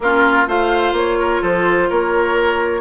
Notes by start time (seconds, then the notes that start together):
0.00 A#3 C#4 F4 A#4
0.47 A3 F4 C5 F5
0.92 A#3 C#5
1.19 A#4
1.41 F3 A4 C5
1.89 A#3 A#4 C#5